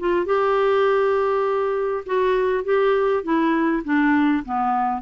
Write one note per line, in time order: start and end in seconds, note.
0.00 0.26 F4
0.26 2.05 G4
2.06 2.65 F#4
2.65 3.24 G4
3.24 3.83 E4
3.85 4.44 D4
4.46 5.03 B3